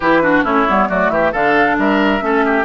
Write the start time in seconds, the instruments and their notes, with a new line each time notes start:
0.00 bassoon E3, clarinet E4, oboe G4, flute B4
0.22 clarinet D4, oboe F#4
0.43 bassoon A3, clarinet C#4, oboe E4, flute C#5
0.68 bassoon G3, clarinet B3
0.89 bassoon F#3, clarinet A3, oboe F#4, flute D5
1.09 bassoon E3, oboe G4, flute E5
1.32 bassoon D3, clarinet D4, oboe A4, flute F5
1.78 bassoon G3, oboe A#4, flute E5
2.21 bassoon A3, clarinet C#4, oboe A4
2.45 oboe G4